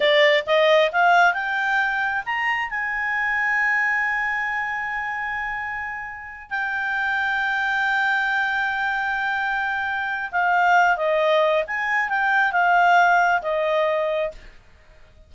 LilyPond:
\new Staff \with { instrumentName = "clarinet" } { \time 4/4 \tempo 4 = 134 d''4 dis''4 f''4 g''4~ | g''4 ais''4 gis''2~ | gis''1~ | gis''2~ gis''8 g''4.~ |
g''1~ | g''2. f''4~ | f''8 dis''4. gis''4 g''4 | f''2 dis''2 | }